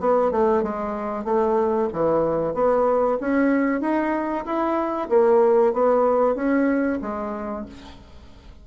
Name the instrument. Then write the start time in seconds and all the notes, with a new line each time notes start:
bassoon
0.00 B3
0.31 A3
0.63 G#3
1.24 A3
1.93 E3
2.54 B3
3.20 C#4
3.81 D#4
4.45 E4
5.09 A#3
5.73 B3
6.35 C#4
7.02 G#3